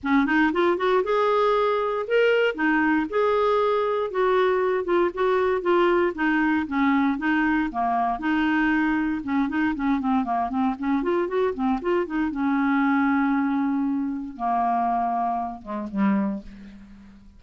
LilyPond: \new Staff \with { instrumentName = "clarinet" } { \time 4/4 \tempo 4 = 117 cis'8 dis'8 f'8 fis'8 gis'2 | ais'4 dis'4 gis'2 | fis'4. f'8 fis'4 f'4 | dis'4 cis'4 dis'4 ais4 |
dis'2 cis'8 dis'8 cis'8 c'8 | ais8 c'8 cis'8 f'8 fis'8 c'8 f'8 dis'8 | cis'1 | ais2~ ais8 gis8 g4 | }